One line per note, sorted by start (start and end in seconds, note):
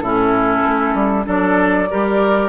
0.00 0.64 A2
0.00 1.25 C#4
0.00 1.26 E4
0.00 1.25 A4
0.64 0.94 A3
0.94 1.26 G3
1.25 1.90 F#3
1.25 1.87 D4
1.25 1.89 A4
1.25 2.49 D5
1.90 2.49 G3
1.90 2.49 G4
1.90 2.49 A#4